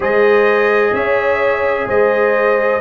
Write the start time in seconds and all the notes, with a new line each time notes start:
0.00 G#3 G#4 C5 D#5
0.92 C#4 C#5 E5
1.87 G#3 C5 D#5